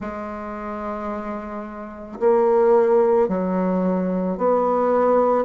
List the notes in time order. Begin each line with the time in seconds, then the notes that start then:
0.00 G#3
2.19 A#3
3.28 F#3
4.37 B3